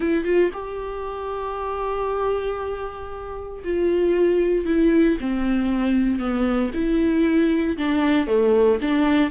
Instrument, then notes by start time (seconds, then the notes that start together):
viola
0.00 E4
0.24 F4
0.53 G4
3.63 F4
4.65 E4
5.20 C4
6.19 B3
6.74 E4
7.77 D4
8.27 A3
8.81 D4